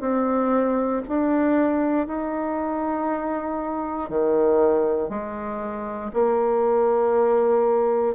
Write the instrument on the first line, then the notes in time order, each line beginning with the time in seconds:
bassoon
0.00 C4
1.08 D4
2.07 D#4
4.09 D#3
5.09 G#3
6.13 A#3